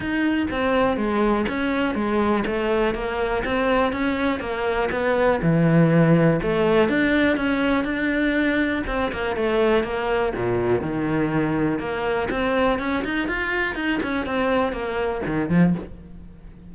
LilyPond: \new Staff \with { instrumentName = "cello" } { \time 4/4 \tempo 4 = 122 dis'4 c'4 gis4 cis'4 | gis4 a4 ais4 c'4 | cis'4 ais4 b4 e4~ | e4 a4 d'4 cis'4 |
d'2 c'8 ais8 a4 | ais4 ais,4 dis2 | ais4 c'4 cis'8 dis'8 f'4 | dis'8 cis'8 c'4 ais4 dis8 f8 | }